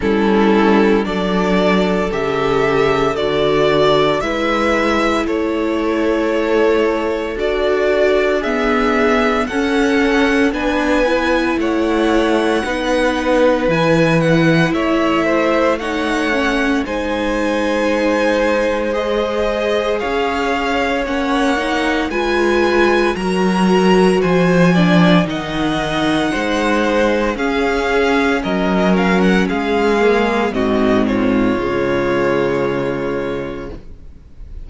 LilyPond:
<<
  \new Staff \with { instrumentName = "violin" } { \time 4/4 \tempo 4 = 57 a'4 d''4 e''4 d''4 | e''4 cis''2 d''4 | e''4 fis''4 gis''4 fis''4~ | fis''4 gis''8 fis''8 e''4 fis''4 |
gis''2 dis''4 f''4 | fis''4 gis''4 ais''4 gis''4 | fis''2 f''4 dis''8 f''16 fis''16 | f''4 dis''8 cis''2~ cis''8 | }
  \new Staff \with { instrumentName = "violin" } { \time 4/4 e'4 a'2. | b'4 a'2. | gis'4 a'4 b'4 cis''4 | b'2 cis''8 c''8 cis''4 |
c''2. cis''4~ | cis''4 b'4 ais'4 c''8 d''8 | dis''4 c''4 gis'4 ais'4 | gis'4 fis'8 f'2~ f'8 | }
  \new Staff \with { instrumentName = "viola" } { \time 4/4 cis'4 d'4 g'4 fis'4 | e'2. fis'4 | b4 cis'4 d'8 e'4. | dis'4 e'2 dis'8 cis'8 |
dis'2 gis'2 | cis'8 dis'8 f'4 fis'4. d'8 | dis'2 cis'2~ | cis'8 ais8 c'4 gis2 | }
  \new Staff \with { instrumentName = "cello" } { \time 4/4 g4 fis4 cis4 d4 | gis4 a2 d'4~ | d'4 cis'4 b4 a4 | b4 e4 a2 |
gis2. cis'4 | ais4 gis4 fis4 f4 | dis4 gis4 cis'4 fis4 | gis4 gis,4 cis2 | }
>>